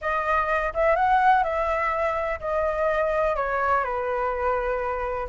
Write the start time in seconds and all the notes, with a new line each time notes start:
0.01 D#5
0.73 E5
0.95 F#5
1.43 E5
2.40 D#5
3.36 C#5
3.84 B4